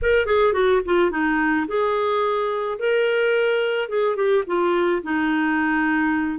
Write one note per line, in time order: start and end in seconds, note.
0.02 0.26 A#4
0.26 0.53 G#4
0.53 0.81 F#4
0.85 1.10 F4
1.10 1.66 D#4
1.67 2.78 G#4
2.78 3.88 A#4
3.88 4.15 G#4
4.15 4.43 G4
4.46 5.02 F4
5.02 6.38 D#4